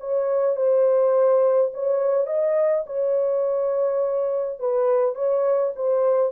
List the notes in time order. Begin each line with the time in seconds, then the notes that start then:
0.00 C#5
0.56 C5
1.74 C#5
2.27 D#5
2.86 C#5
4.60 B4
5.15 C#5
5.76 C5